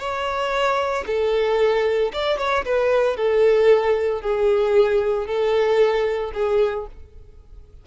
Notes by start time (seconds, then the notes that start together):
0.00 C#5
1.07 A4
2.13 D5
2.39 C#5
2.65 B4
3.17 A4
4.22 G#4
5.27 A4
6.34 G#4